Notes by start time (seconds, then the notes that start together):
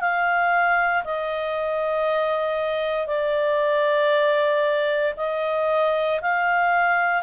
0.00 F5
1.03 D#5
3.07 D5
5.16 D#5
6.21 F5